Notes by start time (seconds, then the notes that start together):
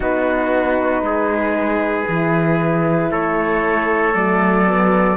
0.00 B3 D#4 F#4 B4
1.01 G#3 G#4
2.08 E3 E4
3.11 A3 A4 C#5
4.13 F#3 A3 D5
4.65 B3